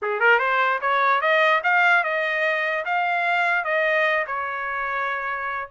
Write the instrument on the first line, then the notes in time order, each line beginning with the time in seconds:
trumpet
0.02 G#4
0.20 A#4
0.39 C5
0.81 C#5
1.21 D#5
1.63 F5
2.03 D#5
2.85 F5
3.64 D#5
4.26 C#5